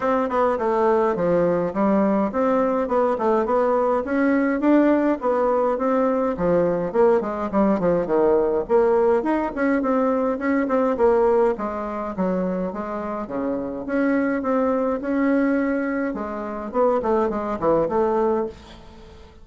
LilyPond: \new Staff \with { instrumentName = "bassoon" } { \time 4/4 \tempo 4 = 104 c'8 b8 a4 f4 g4 | c'4 b8 a8 b4 cis'4 | d'4 b4 c'4 f4 | ais8 gis8 g8 f8 dis4 ais4 |
dis'8 cis'8 c'4 cis'8 c'8 ais4 | gis4 fis4 gis4 cis4 | cis'4 c'4 cis'2 | gis4 b8 a8 gis8 e8 a4 | }